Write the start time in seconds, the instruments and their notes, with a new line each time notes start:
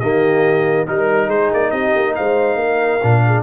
0.00 tuba D#3, trombone A#3, horn G4, trumpet D#5
0.87 tuba G3, trombone D#4, trumpet A#4, horn A#4
1.27 tuba G#3, horn G#4, trumpet C5
1.53 tuba A#3, trumpet D5
1.71 tuba C4, horn G4, trumpet D#5
1.96 tuba A#3
2.16 tuba G#3, horn C5, trumpet F5
2.56 tuba A#3, horn A#4
3.03 tuba A#2, trombone D4
3.26 horn G#4